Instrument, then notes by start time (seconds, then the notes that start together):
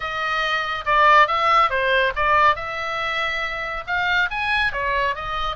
oboe
0.00 D#5
0.85 D5
1.27 E5
1.70 C5
2.15 D5
2.55 E5
3.86 F5
4.30 G#5
4.72 C#5
5.15 D#5